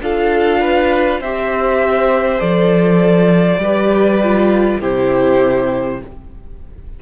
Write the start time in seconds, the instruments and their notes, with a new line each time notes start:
0.00 cello D4, viola F4, violin A4 F5
0.60 violin B4
1.20 cello C4, viola G4, violin C5 E5
2.37 cello F3, viola A4, violin D5
3.57 cello G3, violin B4
3.63 viola G4
4.23 viola F4
4.79 cello C3, viola E4, violin G4 C5